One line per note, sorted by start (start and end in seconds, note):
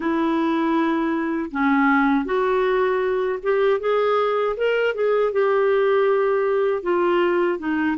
0.00 1.51 E4
1.51 2.25 C#4
2.25 3.39 F#4
3.42 3.80 G4
3.80 4.56 G#4
4.56 4.94 A#4
4.94 5.32 G#4
5.32 6.82 G4
6.82 7.58 F4
7.58 7.96 D#4